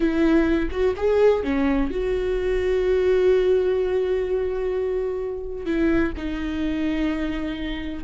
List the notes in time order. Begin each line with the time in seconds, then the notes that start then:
0.00 E4
0.70 F#4
0.96 G#4
1.43 C#4
1.90 F#4
5.65 E4
6.17 D#4